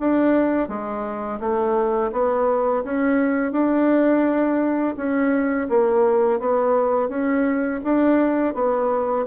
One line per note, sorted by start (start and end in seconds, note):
0.00 0.69 D4
0.69 1.40 G#3
1.40 2.12 A3
2.12 2.84 B3
2.85 3.53 C#4
3.53 4.95 D4
4.97 5.69 C#4
5.69 6.40 A#3
6.40 7.09 B3
7.09 7.81 C#4
7.85 8.55 D4
8.55 9.27 B3